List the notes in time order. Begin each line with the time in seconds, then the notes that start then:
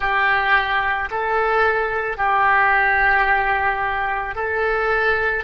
0.00 G4
1.10 A4
2.17 G4
4.35 A4